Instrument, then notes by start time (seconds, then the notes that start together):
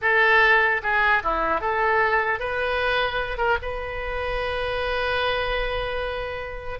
oboe
0.01 A4
0.82 G#4
1.23 E4
1.60 A4
2.39 B4
3.37 A#4
3.62 B4